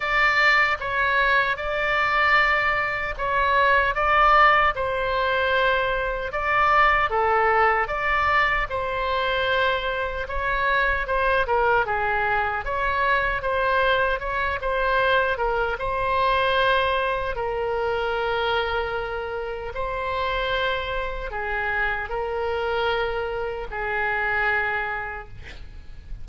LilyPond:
\new Staff \with { instrumentName = "oboe" } { \time 4/4 \tempo 4 = 76 d''4 cis''4 d''2 | cis''4 d''4 c''2 | d''4 a'4 d''4 c''4~ | c''4 cis''4 c''8 ais'8 gis'4 |
cis''4 c''4 cis''8 c''4 ais'8 | c''2 ais'2~ | ais'4 c''2 gis'4 | ais'2 gis'2 | }